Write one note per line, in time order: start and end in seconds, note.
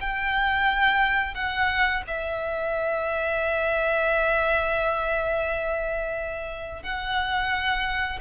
0.00 1.34 G5
1.34 2.02 F#5
2.07 6.83 E5
6.83 8.19 F#5